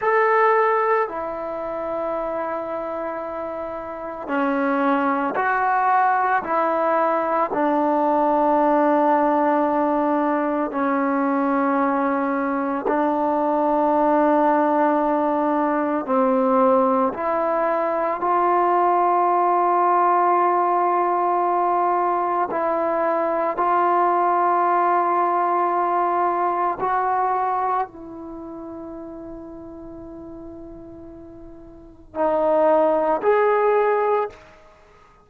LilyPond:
\new Staff \with { instrumentName = "trombone" } { \time 4/4 \tempo 4 = 56 a'4 e'2. | cis'4 fis'4 e'4 d'4~ | d'2 cis'2 | d'2. c'4 |
e'4 f'2.~ | f'4 e'4 f'2~ | f'4 fis'4 e'2~ | e'2 dis'4 gis'4 | }